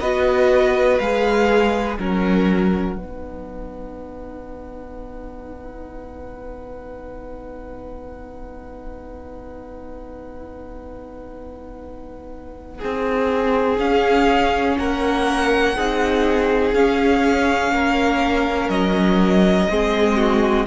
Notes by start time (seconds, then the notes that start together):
0.00 B3 F#4 B4 D#5
0.99 G#3 G#4 F5
1.96 F#3 C#4 A#4 F#5
2.96 B3 D#4 B4
12.79 C4 G#4
13.78 C#4 F5
14.78 A#3 A#4 F#5
15.76 C4 D#4 G#4
16.74 C#4 F5
17.72 A#3 A#4
18.69 F#3 D#5
19.70 G#3 C4 G#4
20.17 F#4